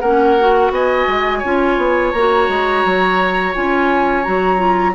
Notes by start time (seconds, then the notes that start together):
0.00 A#3 C#4 A#4 F#5
0.39 F#4
0.70 B3 D#5 G#5
1.07 G#3
1.38 F4 C#5
1.44 C#4
1.77 B3
2.12 A#3 F#4 A#5
2.48 G#3
2.84 F#3
3.54 C#4 F4 G#5
4.23 F#3 F#4 A#5
4.57 F4